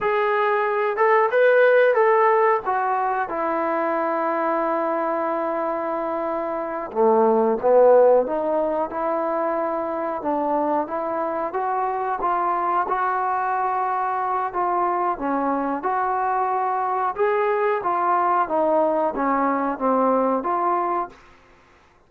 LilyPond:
\new Staff \with { instrumentName = "trombone" } { \time 4/4 \tempo 4 = 91 gis'4. a'8 b'4 a'4 | fis'4 e'2.~ | e'2~ e'8 a4 b8~ | b8 dis'4 e'2 d'8~ |
d'8 e'4 fis'4 f'4 fis'8~ | fis'2 f'4 cis'4 | fis'2 gis'4 f'4 | dis'4 cis'4 c'4 f'4 | }